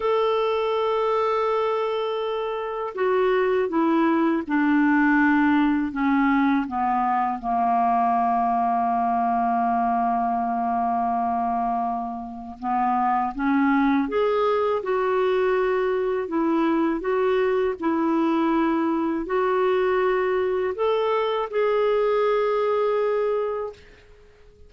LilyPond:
\new Staff \with { instrumentName = "clarinet" } { \time 4/4 \tempo 4 = 81 a'1 | fis'4 e'4 d'2 | cis'4 b4 ais2~ | ais1~ |
ais4 b4 cis'4 gis'4 | fis'2 e'4 fis'4 | e'2 fis'2 | a'4 gis'2. | }